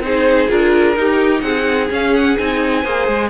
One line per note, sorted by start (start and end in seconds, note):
0.00 0.47 C4
0.00 0.49 D#4
0.00 0.99 G#4
0.00 0.50 C5
0.49 0.97 D4
0.49 0.96 F4
0.49 1.41 A#4
0.96 1.90 D#4
0.96 1.43 D#4
0.96 1.44 G4
1.41 1.90 C4
1.41 2.83 G#4
1.41 1.88 F#5
1.90 2.37 C#4
1.90 2.15 F5
2.15 2.38 F#5
2.38 2.85 C4
2.38 2.84 D#4
2.38 3.30 G#5
2.83 3.08 A#3
2.83 3.30 G#4
2.83 3.29 C5
3.08 3.30 G#3